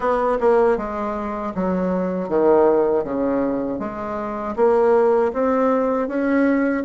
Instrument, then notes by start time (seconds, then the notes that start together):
bassoon
0.00 B3
0.40 A#3
0.77 G#3
1.55 F#3
2.28 D#3
3.04 C#3
3.79 G#3
4.56 A#3
5.33 C4
6.08 C#4